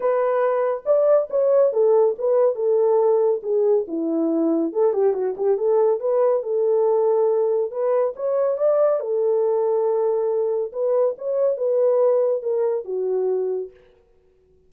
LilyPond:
\new Staff \with { instrumentName = "horn" } { \time 4/4 \tempo 4 = 140 b'2 d''4 cis''4 | a'4 b'4 a'2 | gis'4 e'2 a'8 g'8 | fis'8 g'8 a'4 b'4 a'4~ |
a'2 b'4 cis''4 | d''4 a'2.~ | a'4 b'4 cis''4 b'4~ | b'4 ais'4 fis'2 | }